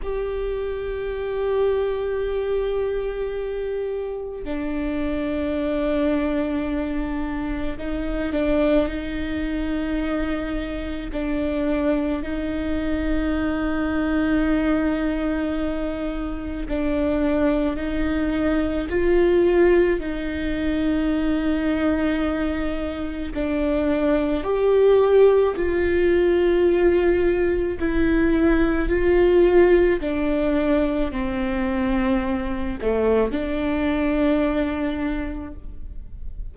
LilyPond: \new Staff \with { instrumentName = "viola" } { \time 4/4 \tempo 4 = 54 g'1 | d'2. dis'8 d'8 | dis'2 d'4 dis'4~ | dis'2. d'4 |
dis'4 f'4 dis'2~ | dis'4 d'4 g'4 f'4~ | f'4 e'4 f'4 d'4 | c'4. a8 d'2 | }